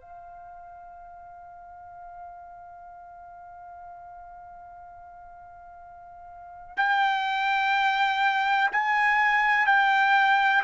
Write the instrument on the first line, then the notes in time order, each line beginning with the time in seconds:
trumpet
0.00 F5
6.77 G5
8.71 G#5
9.66 G5